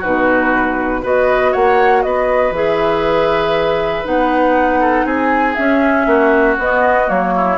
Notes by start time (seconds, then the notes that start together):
0.00 B2 D#4 F#4 B4
1.03 B3 F#4 B4 D#5
1.52 A#3 C#5 F#5
2.03 B3 B4 D#5
2.51 E3 G#4 E5
4.04 B3 D#4 F#5
4.80 A4
5.05 C4 G#4 G#5
5.55 C#4 E5
6.06 A#3 F#4
6.58 B3 D#5
7.07 F#3 A#3 C#5
7.35 E4